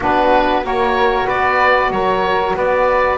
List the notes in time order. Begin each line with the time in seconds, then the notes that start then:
0.00 B3 D4 F#4 B4
0.62 A#3 F#4 A#4 C#5
1.26 B3 B4 D5
1.90 F#3 A#4 C#5
2.56 B3 B4 D5